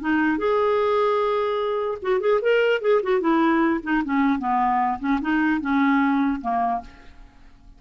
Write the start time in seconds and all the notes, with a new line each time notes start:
0.00 D#4
0.37 G#4
2.02 F#4
2.20 G#4
2.41 A#4
2.81 G#4
3.03 F#4
3.20 E4
3.83 D#4
4.04 C#4
4.39 B3
4.99 C#4
5.21 D#4
5.60 C#4
6.41 A#3